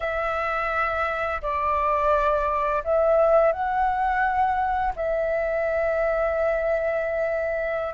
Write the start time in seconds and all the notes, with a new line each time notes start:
0.00 E5
1.41 D5
2.84 E5
3.52 F#5
4.95 E5